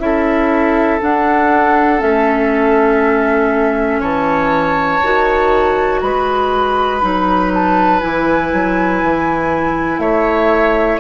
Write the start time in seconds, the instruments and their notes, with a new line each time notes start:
0.00 bassoon C#4, clarinet E4, oboe A4, flute E5
1.01 clarinet D4, bassoon D4, flute F#5
2.00 bassoon A3, clarinet C#4, flute E5
4.00 bassoon E3, oboe C#5, flute A5
5.03 bassoon D#3, clarinet F#4
6.01 bassoon G#3, oboe B4, flute B5
7.02 bassoon F#3, clarinet D#4
7.54 flute A5
8.00 bassoon E3, clarinet E4, flute G#5
8.53 bassoon F#3
9.03 bassoon E3
9.99 bassoon A3, oboe C#5, flute E5